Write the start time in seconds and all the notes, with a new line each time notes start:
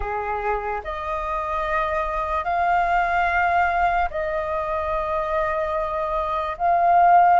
0.00 G#4
0.84 D#5
2.44 F5
4.10 D#5
6.57 F5